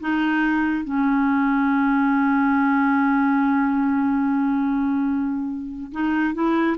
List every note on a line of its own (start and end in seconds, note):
0.00 0.84 D#4
0.84 5.91 C#4
5.92 6.34 D#4
6.34 6.76 E4